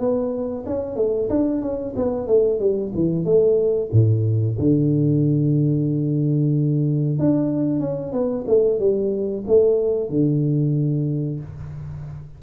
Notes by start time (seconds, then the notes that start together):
0.00 B3
0.66 C#4
0.97 A3
1.30 D4
1.62 C#4
1.97 B3
2.28 A3
2.60 G3
2.95 E3
3.25 A3
3.92 A2
4.59 D3
7.19 D4
7.81 C#4
8.13 B3
8.48 A3
8.80 G3
9.48 A3
10.10 D3